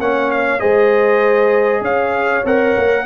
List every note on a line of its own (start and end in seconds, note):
0.00 0.61 A#3
0.00 0.60 C#4
0.00 0.61 C#5
0.00 0.31 F#5
0.31 0.60 F5
0.60 1.81 G#3
0.60 2.43 G#4
0.60 1.83 C5
0.60 1.83 D#5
1.81 2.42 C#4
1.81 3.06 C#5
1.81 2.46 F5
2.45 2.76 C4
2.45 3.06 A#4
2.45 3.06 F#5
2.77 3.06 A#3